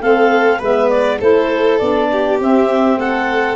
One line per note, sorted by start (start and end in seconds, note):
0.00 0.59 A3
0.00 0.61 C4
0.00 0.59 A4
0.00 0.61 F5
0.59 1.20 G#3
0.59 1.21 B3
0.59 1.18 B4
0.59 0.89 E5
0.89 1.19 D5
1.20 1.80 A3
1.20 1.80 E4
1.20 2.09 A4
1.20 1.79 C5
1.79 2.40 B3
1.79 2.40 D4
1.79 2.38 D5
2.12 2.99 G4
2.40 2.97 C4
2.40 3.56 C4
2.40 3.00 E5
2.97 3.56 A3
2.97 3.56 A4
2.97 3.56 F#5